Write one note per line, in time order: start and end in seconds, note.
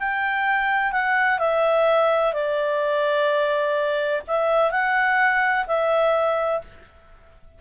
0.00 0.92 G5
0.92 1.39 F#5
1.39 2.33 E5
2.33 4.22 D5
4.28 4.72 E5
4.72 5.66 F#5
5.67 6.62 E5